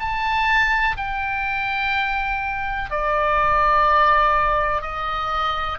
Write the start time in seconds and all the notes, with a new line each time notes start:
0.00 A5
0.97 G5
2.91 D5
4.82 D#5